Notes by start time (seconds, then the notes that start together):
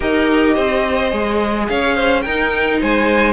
0.00 D#4 G4 A#4 D#5
0.55 C4 C5
1.10 G#3 G#4
1.68 C#4 C#5 F5
1.95 C5
2.21 D#4 A#4 G5
2.80 G#3 C5 G#5